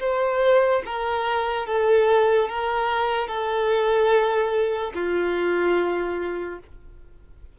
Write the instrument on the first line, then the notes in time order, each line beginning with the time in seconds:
violin
0.00 C5
0.85 A#4
1.66 A4
2.48 A#4
3.27 A4
4.94 F4